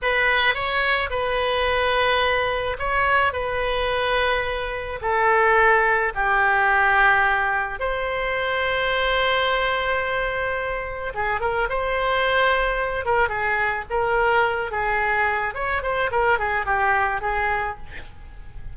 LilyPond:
\new Staff \with { instrumentName = "oboe" } { \time 4/4 \tempo 4 = 108 b'4 cis''4 b'2~ | b'4 cis''4 b'2~ | b'4 a'2 g'4~ | g'2 c''2~ |
c''1 | gis'8 ais'8 c''2~ c''8 ais'8 | gis'4 ais'4. gis'4. | cis''8 c''8 ais'8 gis'8 g'4 gis'4 | }